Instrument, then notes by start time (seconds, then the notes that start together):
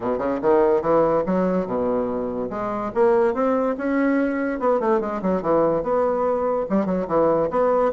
bassoon
0.00 B2
0.18 C#3
0.41 D#3
0.81 E3
1.26 F#3
1.66 B2
2.49 G#3
2.94 A#3
3.33 C4
3.77 C#4
4.59 B3
4.80 A3
5.00 G#3
5.21 F#3
5.42 E3
5.82 B3
6.69 G3
6.85 F#3
7.07 E3
7.50 B3